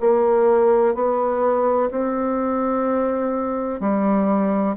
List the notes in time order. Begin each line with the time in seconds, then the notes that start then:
0.00 A#3
0.94 B3
1.90 C4
3.80 G3